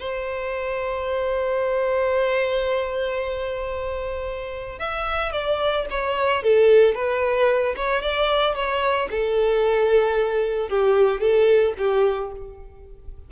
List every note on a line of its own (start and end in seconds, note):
0.00 4.79 C5
4.79 5.33 E5
5.33 5.86 D5
5.91 6.43 C#5
6.43 6.95 A4
6.95 7.75 B4
7.76 8.02 C#5
8.02 8.55 D5
8.55 9.09 C#5
9.11 10.69 A4
10.69 11.21 G4
11.21 11.74 A4
11.78 12.31 G4